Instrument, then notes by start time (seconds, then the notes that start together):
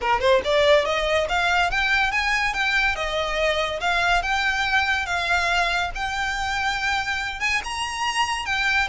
violin
0.01 A#4
0.20 C5
0.44 D5
0.85 D#5
1.28 F5
1.71 G5
2.11 G#5
2.53 G5
2.95 D#5
3.80 F5
4.22 G5
5.06 F5
5.94 G5
7.39 G#5
7.64 A#5
8.45 G5